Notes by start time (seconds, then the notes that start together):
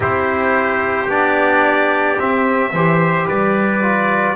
0.00 C4 E4 G4 C5
1.07 B3 D4 D5
2.18 C4 E5
2.72 E3 G4 C5
3.26 G3 B4 D5
3.82 F4